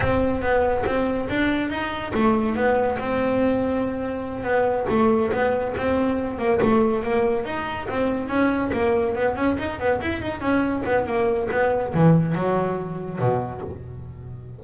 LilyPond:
\new Staff \with { instrumentName = "double bass" } { \time 4/4 \tempo 4 = 141 c'4 b4 c'4 d'4 | dis'4 a4 b4 c'4~ | c'2~ c'8 b4 a8~ | a8 b4 c'4. ais8 a8~ |
a8 ais4 dis'4 c'4 cis'8~ | cis'8 ais4 b8 cis'8 dis'8 b8 e'8 | dis'8 cis'4 b8 ais4 b4 | e4 fis2 b,4 | }